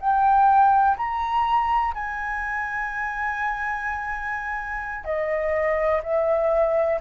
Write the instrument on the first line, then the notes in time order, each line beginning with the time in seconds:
flute
0.00 G5
0.97 A#5
1.94 G#5
5.05 D#5
6.04 E5